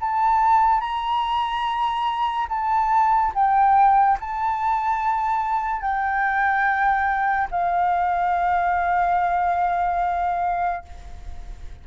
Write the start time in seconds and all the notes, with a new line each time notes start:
0.00 A5
0.80 A#5
2.49 A5
3.34 G5
4.20 A5
5.81 G5
7.51 F5